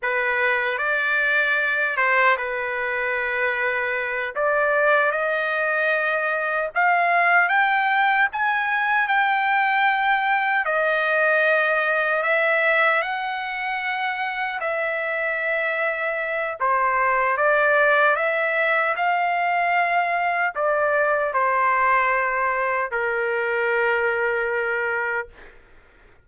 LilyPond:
\new Staff \with { instrumentName = "trumpet" } { \time 4/4 \tempo 4 = 76 b'4 d''4. c''8 b'4~ | b'4. d''4 dis''4.~ | dis''8 f''4 g''4 gis''4 g''8~ | g''4. dis''2 e''8~ |
e''8 fis''2 e''4.~ | e''4 c''4 d''4 e''4 | f''2 d''4 c''4~ | c''4 ais'2. | }